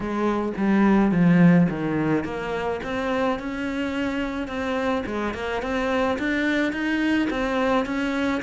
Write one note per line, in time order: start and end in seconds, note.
0.00 0.53 G#3
0.57 1.11 G3
1.11 1.67 F3
1.69 2.24 D#3
2.24 2.80 A#3
2.83 3.39 C4
3.39 4.47 C#4
4.47 5.03 C4
5.05 5.33 G#3
5.33 5.62 A#3
5.62 6.18 C4
6.19 6.72 D4
6.72 7.28 D#4
7.30 7.85 C4
7.85 8.41 C#4